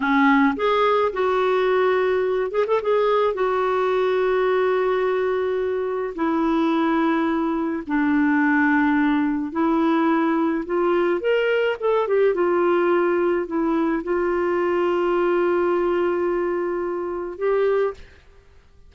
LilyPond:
\new Staff \with { instrumentName = "clarinet" } { \time 4/4 \tempo 4 = 107 cis'4 gis'4 fis'2~ | fis'8 gis'16 a'16 gis'4 fis'2~ | fis'2. e'4~ | e'2 d'2~ |
d'4 e'2 f'4 | ais'4 a'8 g'8 f'2 | e'4 f'2.~ | f'2. g'4 | }